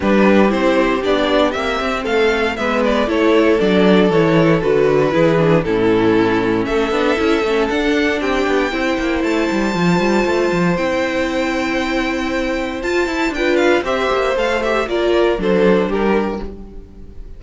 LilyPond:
<<
  \new Staff \with { instrumentName = "violin" } { \time 4/4 \tempo 4 = 117 b'4 c''4 d''4 e''4 | f''4 e''8 d''8 cis''4 d''4 | cis''4 b'2 a'4~ | a'4 e''2 fis''4 |
g''2 a''2~ | a''4 g''2.~ | g''4 a''4 g''8 f''8 e''4 | f''8 e''8 d''4 c''4 ais'4 | }
  \new Staff \with { instrumentName = "violin" } { \time 4/4 g'1 | a'4 b'4 a'2~ | a'2 gis'4 e'4~ | e'4 a'2. |
g'4 c''2.~ | c''1~ | c''2 b'4 c''4~ | c''4 ais'4 a'4 g'4 | }
  \new Staff \with { instrumentName = "viola" } { \time 4/4 d'4 e'4 d'4 c'4~ | c'4 b4 e'4 d'4 | e'4 fis'4 e'8 d'8 cis'4~ | cis'4. d'8 e'8 cis'8 d'4~ |
d'4 e'2 f'4~ | f'4 e'2.~ | e'4 f'8 e'8 f'4 g'4 | a'8 g'8 f'4 d'2 | }
  \new Staff \with { instrumentName = "cello" } { \time 4/4 g4 c'4 b4 ais8 c'8 | a4 gis4 a4 fis4 | e4 d4 e4 a,4~ | a,4 a8 b8 cis'8 a8 d'4 |
c'8 b8 c'8 ais8 a8 g8 f8 g8 | a8 f8 c'2.~ | c'4 f'8 e'8 d'4 c'8 ais8 | a4 ais4 fis4 g4 | }
>>